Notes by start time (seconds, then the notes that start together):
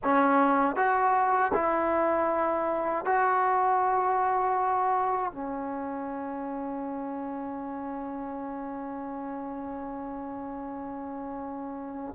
0.03 C#4
0.76 F#4
1.53 E4
3.05 F#4
5.32 C#4